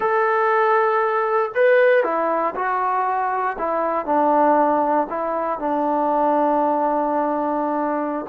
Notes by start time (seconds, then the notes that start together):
0.00 A4
1.54 B4
2.03 E4
2.55 F#4
3.58 E4
4.05 D4
5.09 E4
5.59 D4